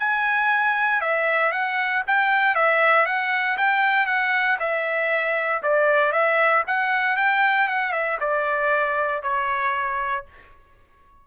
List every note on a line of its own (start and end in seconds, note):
0.00 1.01 G#5
1.01 1.52 E5
1.52 2.04 F#5
2.08 2.55 G5
2.55 3.06 E5
3.06 3.58 F#5
3.58 4.07 G5
4.07 4.58 F#5
4.60 5.62 E5
5.63 6.13 D5
6.13 6.64 E5
6.68 7.17 F#5
7.17 7.68 G5
7.68 7.93 F#5
7.93 8.18 E5
8.21 9.23 D5
9.23 10.26 C#5